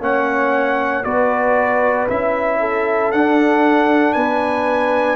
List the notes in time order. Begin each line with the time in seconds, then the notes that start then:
0.00 A#3 C#4 C#5 F#5
1.04 B3 F#4 B4 D5
2.10 C#4 E4 E5
2.60 A4
3.12 D4 F#5
4.13 B3 B4 G#5